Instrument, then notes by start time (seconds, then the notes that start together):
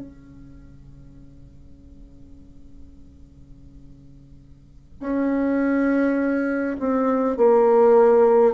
bassoon
0.00 C#3
5.00 C#4
6.79 C4
7.37 A#3